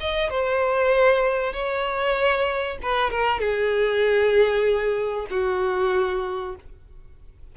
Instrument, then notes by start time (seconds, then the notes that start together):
violin
0.00 D#5
0.30 C5
1.53 C#5
2.82 B4
3.11 A#4
3.39 G#4
5.30 F#4